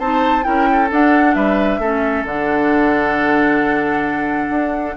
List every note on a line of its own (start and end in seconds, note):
0.00 0.45 C4
0.00 0.44 D#4
0.00 0.45 C5
0.00 0.44 A5
0.44 0.91 C#4
0.44 0.89 E4
0.44 0.69 A#4
0.44 0.89 G5
0.72 1.36 A4
0.91 1.36 D4
0.91 1.83 D4
0.91 1.35 F#5
1.35 1.79 G3
1.35 1.81 B4
1.35 2.25 E5
1.79 2.24 A3
1.79 2.28 C#4
1.79 4.97 A4
2.25 4.50 D3
2.25 4.97 D4
2.25 4.97 F#5
4.50 4.95 D4